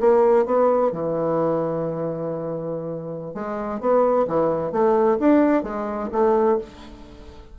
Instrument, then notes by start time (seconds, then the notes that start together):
bassoon
0.00 A#3
0.46 B3
0.92 E3
3.34 G#3
3.80 B3
4.27 E3
4.72 A3
5.19 D4
5.63 G#3
6.12 A3